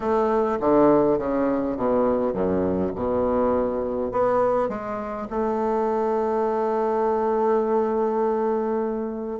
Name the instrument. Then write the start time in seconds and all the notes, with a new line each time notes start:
bassoon
0.00 A3
0.60 D3
1.18 C#3
1.76 B2
2.33 F#2
2.95 B2
4.11 B3
4.68 G#3
5.29 A3